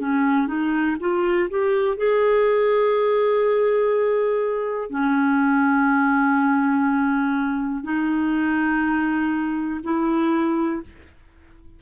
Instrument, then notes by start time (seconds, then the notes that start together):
clarinet
0.00 C#4
0.47 D#4
1.01 F4
1.51 G4
1.98 G#4
4.90 C#4
7.84 D#4
9.84 E4